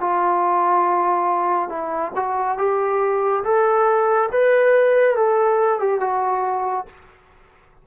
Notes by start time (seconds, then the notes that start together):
0.00 F4
1.69 E4
2.15 F#4
2.58 G4
3.44 A4
4.32 B4
5.16 A4
5.79 G4
6.00 F#4